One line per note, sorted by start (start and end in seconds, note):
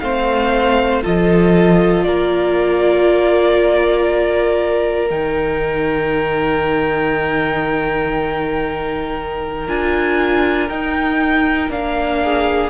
0.00 1.03 A3
0.00 1.03 C4
0.00 1.03 C5
0.00 1.02 F5
1.03 2.06 F3
1.03 5.09 F4
1.03 2.05 A4
1.03 2.04 D#5
2.04 5.10 A#3
2.04 12.23 A#4
2.04 5.09 D5
5.10 9.68 D#3
5.10 9.67 D#4
5.10 9.68 G5
9.67 10.69 D4
9.67 10.69 F4
9.67 10.69 G#5
10.69 11.69 D#4
10.69 11.70 D#4
10.69 11.71 G5
11.69 12.70 A#3
11.69 12.70 D4
11.69 12.70 F5
12.23 12.70 G#4